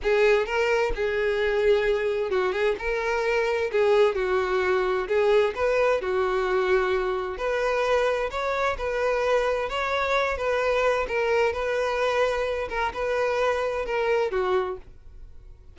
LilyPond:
\new Staff \with { instrumentName = "violin" } { \time 4/4 \tempo 4 = 130 gis'4 ais'4 gis'2~ | gis'4 fis'8 gis'8 ais'2 | gis'4 fis'2 gis'4 | b'4 fis'2. |
b'2 cis''4 b'4~ | b'4 cis''4. b'4. | ais'4 b'2~ b'8 ais'8 | b'2 ais'4 fis'4 | }